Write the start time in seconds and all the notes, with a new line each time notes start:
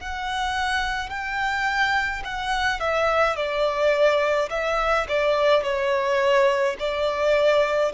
0.00 F#5
1.10 G5
2.24 F#5
2.80 E5
3.36 D5
4.50 E5
5.08 D5
5.63 C#5
6.79 D5